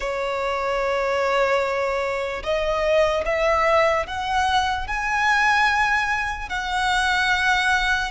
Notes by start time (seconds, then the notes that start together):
0.00 C#5
2.43 D#5
3.25 E5
4.07 F#5
4.86 G#5
6.49 F#5